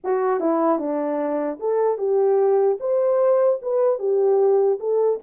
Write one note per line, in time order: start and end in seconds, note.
0.03 0.39 F#4
0.39 0.79 E4
0.79 1.59 D4
1.59 1.98 A4
1.98 2.78 G4
2.79 3.59 C5
3.62 3.99 B4
3.99 4.79 G4
4.79 5.19 A4